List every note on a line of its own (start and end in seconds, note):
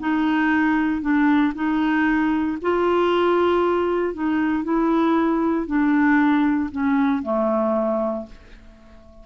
0.00 1.01 D#4
1.01 1.53 D4
1.54 2.58 D#4
2.62 4.14 F4
4.14 4.64 D#4
4.64 5.67 E4
5.67 6.70 D4
6.71 7.23 C#4
7.23 8.26 A3